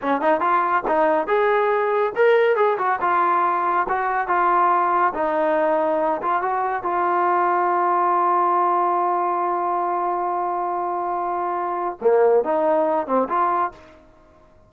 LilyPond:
\new Staff \with { instrumentName = "trombone" } { \time 4/4 \tempo 4 = 140 cis'8 dis'8 f'4 dis'4 gis'4~ | gis'4 ais'4 gis'8 fis'8 f'4~ | f'4 fis'4 f'2 | dis'2~ dis'8 f'8 fis'4 |
f'1~ | f'1~ | f'1 | ais4 dis'4. c'8 f'4 | }